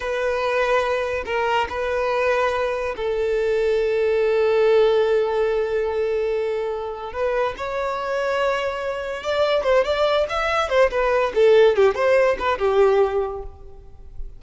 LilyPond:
\new Staff \with { instrumentName = "violin" } { \time 4/4 \tempo 4 = 143 b'2. ais'4 | b'2. a'4~ | a'1~ | a'1~ |
a'4 b'4 cis''2~ | cis''2 d''4 c''8 d''8~ | d''8 e''4 c''8 b'4 a'4 | g'8 c''4 b'8 g'2 | }